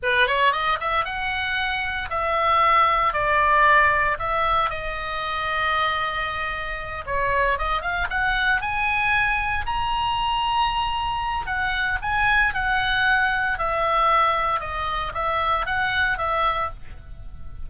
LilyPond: \new Staff \with { instrumentName = "oboe" } { \time 4/4 \tempo 4 = 115 b'8 cis''8 dis''8 e''8 fis''2 | e''2 d''2 | e''4 dis''2.~ | dis''4. cis''4 dis''8 f''8 fis''8~ |
fis''8 gis''2 ais''4.~ | ais''2 fis''4 gis''4 | fis''2 e''2 | dis''4 e''4 fis''4 e''4 | }